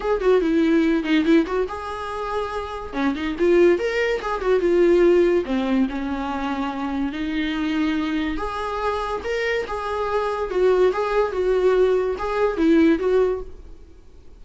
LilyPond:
\new Staff \with { instrumentName = "viola" } { \time 4/4 \tempo 4 = 143 gis'8 fis'8 e'4. dis'8 e'8 fis'8 | gis'2. cis'8 dis'8 | f'4 ais'4 gis'8 fis'8 f'4~ | f'4 c'4 cis'2~ |
cis'4 dis'2. | gis'2 ais'4 gis'4~ | gis'4 fis'4 gis'4 fis'4~ | fis'4 gis'4 e'4 fis'4 | }